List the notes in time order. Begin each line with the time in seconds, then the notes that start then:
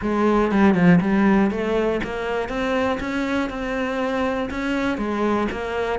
0.01 G#3
0.51 G3
0.74 F3
1.00 G3
1.50 A3
2.03 A#3
2.48 C4
3.00 C#4
3.49 C4
4.50 C#4
4.97 G#3
5.51 A#3